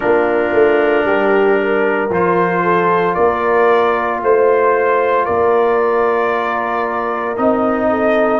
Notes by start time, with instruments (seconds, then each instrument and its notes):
0.00 tuba A#3, trombone D4, horn F4, trumpet A#4
0.53 tuba A3
1.04 tuba G3, horn G4
1.58 horn A#4
2.09 tuba F3, trombone F4, trumpet C5
2.63 horn A4
3.14 tuba A#3, horn A#4, trumpet D5
4.22 tuba A3, horn C5, trumpet C5
5.25 tuba A#3, horn A#4, trumpet D5
7.36 tuba C4, trombone D#4, trumpet D#5
7.89 horn A4